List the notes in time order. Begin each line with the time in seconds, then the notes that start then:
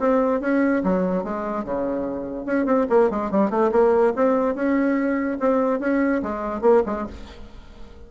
0.00 C4
0.41 C#4
0.84 F#3
1.24 G#3
1.65 C#3
2.46 C#4
2.66 C4
2.90 A#3
3.11 G#3
3.31 G3
3.51 A3
3.72 A#3
4.16 C4
4.55 C#4
5.41 C4
5.80 C#4
6.23 G#3
6.62 A#3
6.87 G#3